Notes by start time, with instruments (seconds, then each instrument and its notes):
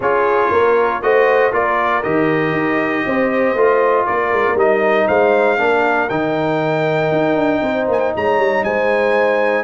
0.00 tuba C#4, trombone F4, horn G#4, trumpet C#5
0.50 tuba A#3, horn A#4
1.01 tuba A3, trombone F#4, horn C5, trumpet D#5
1.52 tuba A#3, trombone F4, horn A#4, trumpet D5
2.02 tuba D#3, trombone G4, trumpet D#5
2.52 tuba D#4
3.06 tuba C4, horn C5
3.54 tuba A3, trombone F4
4.05 tuba A#3, horn A#4, trumpet D5
4.32 tuba G#3
4.47 tuba A#3
4.55 tuba G3, trombone D#4, trumpet D#5
5.06 tuba G#3, horn C5, trumpet F5
5.58 tuba A#3, trombone D4, horn A#4
6.09 tuba D#3, trombone D#4, trumpet G5
7.11 tuba D#4
7.35 tuba D4
7.62 tuba C4, horn C5
7.87 tuba A#3, trumpet G#5
7.99 trumpet G5
8.16 tuba G#3, horn C#5, trumpet A#5
8.38 tuba G3
8.64 tuba G#3, horn C5, trumpet G#5